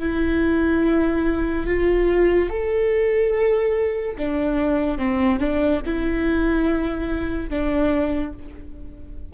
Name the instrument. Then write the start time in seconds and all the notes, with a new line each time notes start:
viola
0.00 E4
1.67 F4
2.50 A4
4.18 D4
4.98 C4
5.40 D4
5.86 E4
7.50 D4